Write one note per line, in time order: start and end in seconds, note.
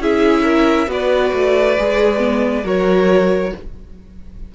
0.00 0.88 C#4
0.00 0.88 E4
0.00 0.44 G#4
0.00 0.91 E5
0.44 0.88 A#4
0.88 1.32 B3
0.88 1.76 F#4
0.88 2.65 B4
0.88 2.67 D5
1.34 1.78 A3
1.79 2.64 G#3
1.79 2.18 G#4
2.18 2.62 B3
2.64 3.53 F#3
2.64 3.53 F#4
2.64 3.53 A#4
2.64 3.55 C#5